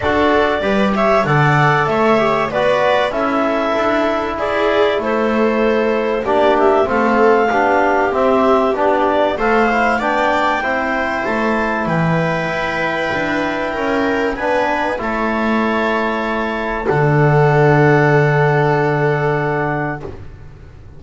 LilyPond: <<
  \new Staff \with { instrumentName = "clarinet" } { \time 4/4 \tempo 4 = 96 d''4. e''8 fis''4 e''4 | d''4 e''2 d''4 | c''2 d''8 e''8 f''4~ | f''4 e''4 d''4 f''4 |
g''2 a''4 g''4~ | g''2. gis''4 | a''2. fis''4~ | fis''1 | }
  \new Staff \with { instrumentName = "viola" } { \time 4/4 a'4 b'8 cis''8 d''4 cis''4 | b'4 a'2 gis'4 | a'2 g'4 a'4 | g'2. c''4 |
d''4 c''2 b'4~ | b'2 ais'4 b'4 | cis''2. a'4~ | a'1 | }
  \new Staff \with { instrumentName = "trombone" } { \time 4/4 fis'4 g'4 a'4. g'8 | fis'4 e'2.~ | e'2 d'4 c'4 | d'4 c'4 d'4 a'8 e'8 |
d'4 e'2.~ | e'2. d'4 | e'2. d'4~ | d'1 | }
  \new Staff \with { instrumentName = "double bass" } { \time 4/4 d'4 g4 d4 a4 | b4 cis'4 d'4 e'4 | a2 ais4 a4 | b4 c'4 b4 a4 |
b4 c'4 a4 e4 | e'4 d'4 cis'4 b4 | a2. d4~ | d1 | }
>>